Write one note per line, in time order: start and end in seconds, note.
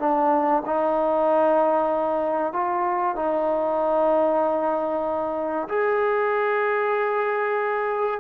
0.00 0.63 D4
0.66 2.53 D#4
2.53 3.16 F4
3.16 5.68 D#4
5.69 8.20 G#4